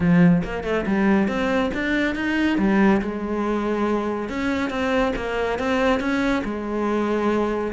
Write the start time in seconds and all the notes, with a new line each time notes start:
0.00 F3
0.44 A#3
0.63 A3
0.86 G3
1.28 C4
1.74 D4
2.15 D#4
2.58 G3
3.01 G#3
4.29 C#4
4.69 C4
5.15 A#3
5.58 C4
6.00 C#4
6.44 G#3